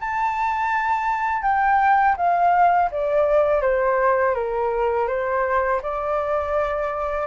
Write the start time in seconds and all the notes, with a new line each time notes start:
0.00 A5
1.43 G5
2.17 F5
2.91 D5
3.62 C5
4.35 A#4
5.08 C5
5.82 D5